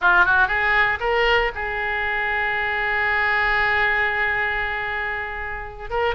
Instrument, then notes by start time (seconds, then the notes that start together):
oboe
0.01 F4
0.25 F#4
0.47 G#4
1.00 A#4
1.54 G#4
5.90 A#4